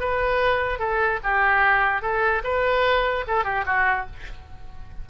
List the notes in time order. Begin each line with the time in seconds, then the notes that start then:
0.00 B4
0.79 A4
1.23 G4
2.02 A4
2.44 B4
3.27 A4
3.44 G4
3.66 F#4